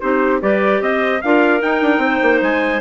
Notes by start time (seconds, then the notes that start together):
0.00 C4 D#4 G4 C5
0.40 G3 G4 B4 D5
0.80 C4 C5 D#5
1.21 D4 F4 A#4 F5
1.60 D#4 G5
1.81 D4
1.98 C4
2.04 C5
2.22 A#3
2.41 G#3 G#5